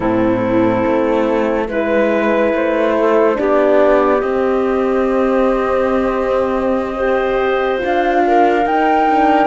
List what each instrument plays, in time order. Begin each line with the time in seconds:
0.00 cello A2, horn C4, clarinet E4, flute A4
0.86 cello A3
1.67 cello G#3, horn E4, clarinet B4, flute B4
2.53 cello A3, flute C5
2.99 clarinet A4
3.34 cello B3, horn D4, clarinet G4, flute D5
4.20 cello C4, horn C4, flute D#5
6.95 horn G4, clarinet C5
7.78 horn F4
7.84 cello D4, flute F5
8.26 clarinet A#4
8.65 horn D#4, cello D#4, flute G5
9.09 horn D4